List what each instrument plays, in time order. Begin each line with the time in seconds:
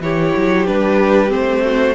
0.00 cello E3, viola E4, violin G4 C#5
0.37 cello F#3
0.66 cello G3, viola D4, violin B4
1.28 cello A3, viola C4, violin C5
1.65 violin F#4